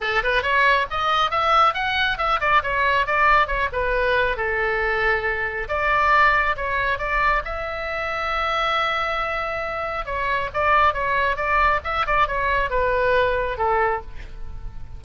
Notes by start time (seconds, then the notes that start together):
0.01 A4
0.23 B4
0.42 C#5
0.90 D#5
1.30 E5
1.74 F#5
2.18 E5
2.40 D5
2.63 C#5
3.06 D5
3.47 C#5
3.72 B4
4.36 A4
5.68 D5
6.56 C#5
6.98 D5
7.45 E5
10.05 C#5
10.53 D5
10.93 C#5
11.36 D5
11.84 E5
12.06 D5
12.27 C#5
12.70 B4
13.57 A4